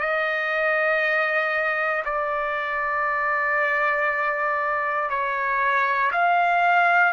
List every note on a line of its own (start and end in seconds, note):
0.00 2.03 D#5
2.05 5.10 D5
5.10 6.12 C#5
6.12 7.13 F5